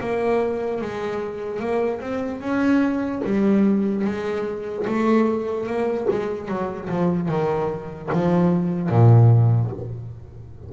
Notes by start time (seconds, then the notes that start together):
0.00 A#3
0.81 G#3
1.60 A#3
2.00 C4
2.41 C#4
3.24 G3
4.05 G#3
4.87 A3
5.66 A#3
6.10 G#3
6.48 F#3
6.89 F3
7.28 D#3
8.12 F3
8.89 A#2